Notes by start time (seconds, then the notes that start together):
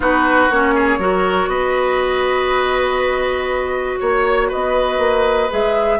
0.00 B3 D#4 F#4 B4
0.50 A#3 C#4 C#5
0.74 G#4
0.98 F#3 F#4 A#4
1.47 B3 B4 D#5
3.99 A#3 C#5
4.48 B4 D#5
4.54 B3
4.98 A#3
5.50 G#3 G#4 E5